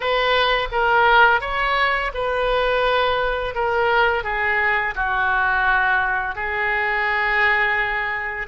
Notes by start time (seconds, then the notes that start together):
0.00 B4
0.71 A#4
1.41 C#5
2.14 B4
3.55 A#4
4.24 G#4
4.95 F#4
6.35 G#4